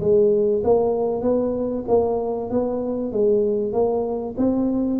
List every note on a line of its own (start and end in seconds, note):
0.00 0.62 G#3
0.64 1.22 A#3
1.22 1.84 B3
1.88 2.50 A#3
2.50 3.12 B3
3.12 3.72 G#3
3.72 4.35 A#3
4.38 5.00 C4